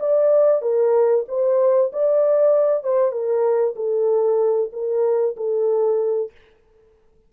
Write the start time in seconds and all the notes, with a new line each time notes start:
0.00 D5
0.62 A#4
1.28 C5
1.92 D5
2.83 C5
3.11 A#4
3.76 A4
4.73 A#4
5.37 A4